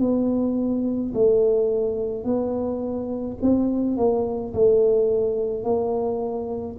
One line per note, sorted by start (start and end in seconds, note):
0.00 1.13 B3
1.14 2.24 A3
2.24 3.38 B3
3.42 3.97 C4
3.97 4.53 A#3
4.54 5.64 A3
5.64 6.77 A#3